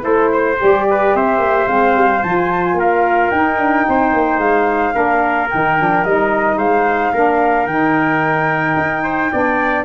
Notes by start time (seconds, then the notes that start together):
0.00 A3 E4 A4 C5
0.32 C5
0.59 G3 G4 D5
0.90 B4
1.14 C4 C5 E5
1.38 A#3
1.66 G#3 C4 F5
1.94 G3
2.23 F3 F4 A5
2.37 G#5
2.51 A5
2.64 G#5
2.74 A#3 A#4 F5
3.30 D#4 G5
3.58 D4
3.88 C4 C5
4.13 A#3
4.38 G#3 F5
4.93 A#3 D4 A#4
5.50 D#3 D#4 G5
5.79 F3 D4
6.04 G3 D#4 D#5
6.57 G#3 C5 F5
7.13 A#3 D4 A#4
7.66 D#3 D#4 G5
8.76 D#4
9.03 C5
9.31 B3 D4 D5